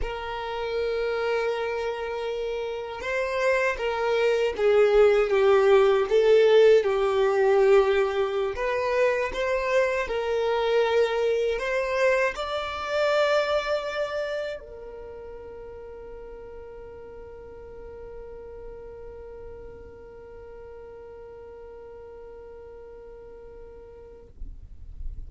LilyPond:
\new Staff \with { instrumentName = "violin" } { \time 4/4 \tempo 4 = 79 ais'1 | c''4 ais'4 gis'4 g'4 | a'4 g'2~ g'16 b'8.~ | b'16 c''4 ais'2 c''8.~ |
c''16 d''2. ais'8.~ | ais'1~ | ais'1~ | ais'1 | }